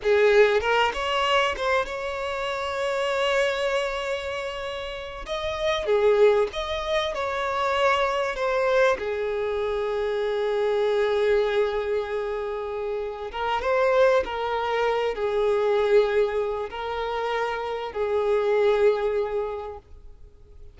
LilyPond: \new Staff \with { instrumentName = "violin" } { \time 4/4 \tempo 4 = 97 gis'4 ais'8 cis''4 c''8 cis''4~ | cis''1~ | cis''8 dis''4 gis'4 dis''4 cis''8~ | cis''4. c''4 gis'4.~ |
gis'1~ | gis'4. ais'8 c''4 ais'4~ | ais'8 gis'2~ gis'8 ais'4~ | ais'4 gis'2. | }